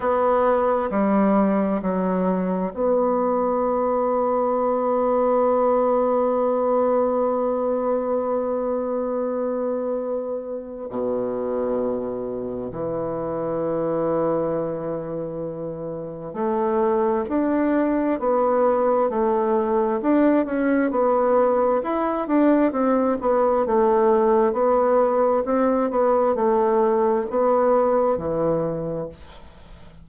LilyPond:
\new Staff \with { instrumentName = "bassoon" } { \time 4/4 \tempo 4 = 66 b4 g4 fis4 b4~ | b1~ | b1 | b,2 e2~ |
e2 a4 d'4 | b4 a4 d'8 cis'8 b4 | e'8 d'8 c'8 b8 a4 b4 | c'8 b8 a4 b4 e4 | }